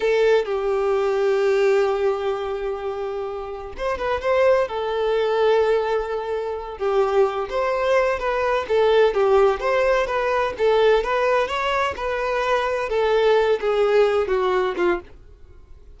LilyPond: \new Staff \with { instrumentName = "violin" } { \time 4/4 \tempo 4 = 128 a'4 g'2.~ | g'1 | c''8 b'8 c''4 a'2~ | a'2~ a'8 g'4. |
c''4. b'4 a'4 g'8~ | g'8 c''4 b'4 a'4 b'8~ | b'8 cis''4 b'2 a'8~ | a'4 gis'4. fis'4 f'8 | }